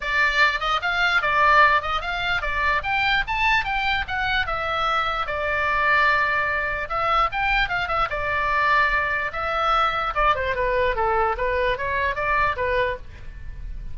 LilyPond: \new Staff \with { instrumentName = "oboe" } { \time 4/4 \tempo 4 = 148 d''4. dis''8 f''4 d''4~ | d''8 dis''8 f''4 d''4 g''4 | a''4 g''4 fis''4 e''4~ | e''4 d''2.~ |
d''4 e''4 g''4 f''8 e''8 | d''2. e''4~ | e''4 d''8 c''8 b'4 a'4 | b'4 cis''4 d''4 b'4 | }